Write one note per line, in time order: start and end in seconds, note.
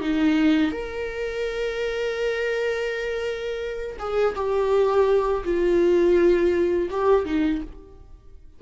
0.00 0.71 D#4
0.71 3.97 A#4
3.99 4.35 G#4
4.35 5.43 G4
5.44 6.89 F4
6.90 7.25 G4
7.25 7.61 D#4